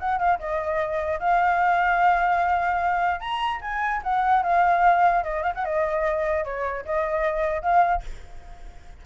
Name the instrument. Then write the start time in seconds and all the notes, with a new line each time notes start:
flute
0.00 F#5
0.19 F5
0.39 D#5
1.20 F5
3.21 A#5
3.62 G#5
4.03 F#5
4.43 F5
5.24 D#5
5.43 F5
5.55 F#5
5.65 D#5
6.45 C#5
6.86 D#5
7.62 F5